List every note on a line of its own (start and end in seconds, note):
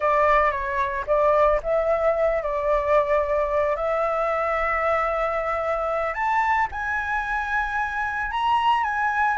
0.00 0.51 D5
0.51 1.04 C#5
1.06 1.60 D5
1.62 2.42 E5
2.42 3.76 D5
3.76 6.13 E5
6.13 6.67 A5
6.71 8.31 G#5
8.31 8.83 A#5
8.83 9.37 G#5